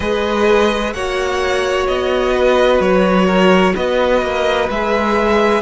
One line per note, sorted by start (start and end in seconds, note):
0.00 0.94 G#3
0.00 0.95 G#4
0.00 0.93 B4
0.00 0.93 D#5
0.93 1.87 A#3
0.93 4.70 F#4
0.93 2.33 C#5
0.93 1.87 F#5
1.87 2.80 B3
1.87 2.81 D#5
2.33 3.26 B4
2.80 3.73 F#3
2.80 3.75 C#5
3.26 3.72 A#4
3.74 4.21 B3
3.74 5.61 B4
3.74 4.69 D#5
4.21 4.68 A#3
4.69 5.61 G#3
4.69 5.61 G#4
4.69 5.61 E5